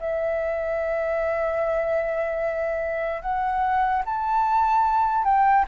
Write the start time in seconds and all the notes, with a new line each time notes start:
0.00 E5
3.22 F#5
4.06 A5
5.24 G5